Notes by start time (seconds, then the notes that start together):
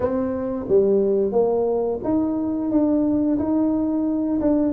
0.00 C4
0.68 G3
1.31 A#3
2.03 D#4
2.71 D4
3.38 D#4
4.40 D4